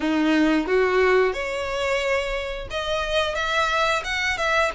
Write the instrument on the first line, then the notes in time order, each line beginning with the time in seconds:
violin
0.00 D#4
0.66 F#4
1.33 C#5
2.70 D#5
3.35 E5
4.04 F#5
4.37 E5